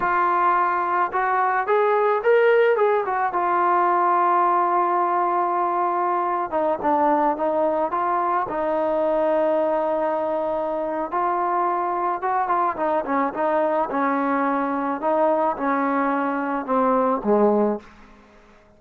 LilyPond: \new Staff \with { instrumentName = "trombone" } { \time 4/4 \tempo 4 = 108 f'2 fis'4 gis'4 | ais'4 gis'8 fis'8 f'2~ | f'2.~ f'8. dis'16~ | dis'16 d'4 dis'4 f'4 dis'8.~ |
dis'1 | f'2 fis'8 f'8 dis'8 cis'8 | dis'4 cis'2 dis'4 | cis'2 c'4 gis4 | }